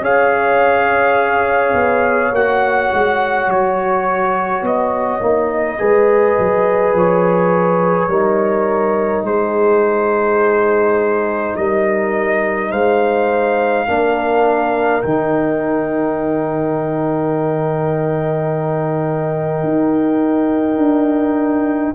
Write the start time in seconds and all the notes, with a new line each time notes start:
0.00 C#4 G#4 C#5 F5
1.74 B3
2.31 A#3 F#4 F#5
2.93 G#3
3.47 F#3 C#5
4.62 B3 D#5
5.21 A#3 D#4
5.78 G#3 G#4 B4
6.39 F#3
6.94 F3 C#5
8.08 G3 D#4 A#4
9.23 G#3 G#4 C5
11.56 G3 A#4 D#5
12.70 G#3 C5 F5
13.87 A#3 D4 A#4
15.02 D#3 D#4 G5
19.63 D#4
20.77 D4